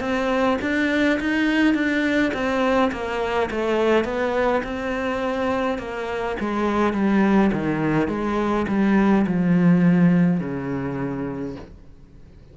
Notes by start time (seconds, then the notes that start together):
0.00 C4
0.62 D4
1.20 D#4
1.75 D4
2.34 C4
2.92 A#3
3.51 A3
4.04 B3
4.64 C4
5.79 A#3
6.40 G#3
6.93 G3
7.53 D#3
8.08 G#3
8.69 G3
9.27 F3
10.41 C#3